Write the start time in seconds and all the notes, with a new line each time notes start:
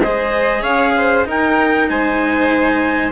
0.00 G#3 G#4 C5 D#5
0.61 C#4 C#5 F5
0.96 C5
1.24 D#4 A#4 G5
1.89 G#3 C5 G#5